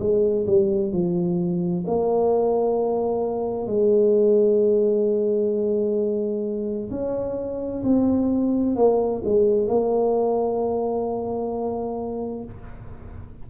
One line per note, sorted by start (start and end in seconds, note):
0.00 0.46 G#3
0.47 0.93 G3
0.93 1.85 F3
1.87 3.67 A#3
3.67 6.90 G#3
6.91 7.83 C#4
7.84 8.76 C4
8.76 9.22 A#3
9.25 9.68 G#3
9.68 12.44 A#3